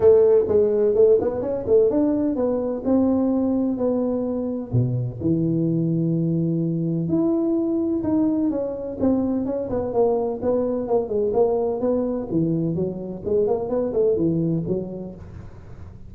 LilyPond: \new Staff \with { instrumentName = "tuba" } { \time 4/4 \tempo 4 = 127 a4 gis4 a8 b8 cis'8 a8 | d'4 b4 c'2 | b2 b,4 e4~ | e2. e'4~ |
e'4 dis'4 cis'4 c'4 | cis'8 b8 ais4 b4 ais8 gis8 | ais4 b4 e4 fis4 | gis8 ais8 b8 a8 e4 fis4 | }